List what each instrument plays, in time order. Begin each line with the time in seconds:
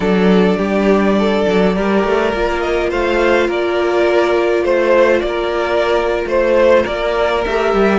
0.00 cello F#3, viola D4, violin A4 D5
0.57 cello G3, violin G4
1.18 violin A4
1.47 cello F#3
1.75 cello G3, viola G4, violin A#4
2.04 cello A3
2.33 cello A#3, viola F4
2.60 violin D#5
2.89 cello A3, violin C5 F5
3.47 cello A#3, violin A#4 D5
4.63 cello A3, violin C5
5.20 cello A#3, violin D5
5.28 violin A#4
6.26 cello A3, violin C5
6.82 cello A#3, violin A#4 D5
7.45 cello A3, viola G4, violin E5
7.73 cello G3